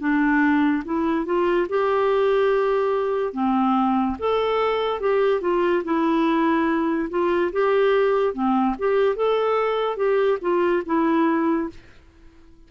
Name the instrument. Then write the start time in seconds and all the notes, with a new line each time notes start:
clarinet
0.00 D4
0.86 E4
1.26 F4
1.70 G4
3.34 C4
4.20 A4
5.01 G4
5.42 F4
5.84 E4
7.10 F4
7.53 G4
8.34 C4
8.79 G4
9.16 A4
9.97 G4
10.42 F4
10.86 E4